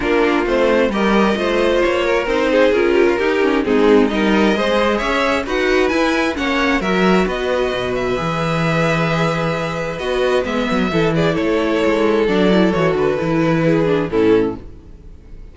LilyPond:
<<
  \new Staff \with { instrumentName = "violin" } { \time 4/4 \tempo 4 = 132 ais'4 c''4 dis''2 | cis''4 c''4 ais'2 | gis'4 dis''2 e''4 | fis''4 gis''4 fis''4 e''4 |
dis''4. e''2~ e''8~ | e''2 dis''4 e''4~ | e''8 d''8 cis''2 d''4 | cis''8 b'2~ b'8 a'4 | }
  \new Staff \with { instrumentName = "violin" } { \time 4/4 f'2 ais'4 c''4~ | c''8 ais'4 gis'4 g'16 f'16 g'4 | dis'4 ais'4 c''4 cis''4 | b'2 cis''4 ais'4 |
b'1~ | b'1 | a'8 gis'8 a'2.~ | a'2 gis'4 e'4 | }
  \new Staff \with { instrumentName = "viola" } { \time 4/4 d'4 c'4 g'4 f'4~ | f'4 dis'4 f'4 dis'8 cis'8 | c'4 dis'4 gis'2 | fis'4 e'4 cis'4 fis'4~ |
fis'2 gis'2~ | gis'2 fis'4 b4 | e'2. d'8 e'8 | fis'4 e'4. d'8 cis'4 | }
  \new Staff \with { instrumentName = "cello" } { \time 4/4 ais4 a4 g4 a4 | ais4 c'4 cis'4 dis'4 | gis4 g4 gis4 cis'4 | dis'4 e'4 ais4 fis4 |
b4 b,4 e2~ | e2 b4 gis8 fis8 | e4 a4 gis4 fis4 | e8 d8 e2 a,4 | }
>>